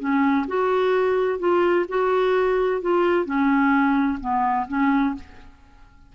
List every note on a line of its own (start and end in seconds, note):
0.00 0.47 C#4
0.48 1.39 F#4
1.39 1.86 F4
1.89 2.82 F#4
2.82 3.26 F4
3.26 4.20 C#4
4.21 4.67 B3
4.68 5.15 C#4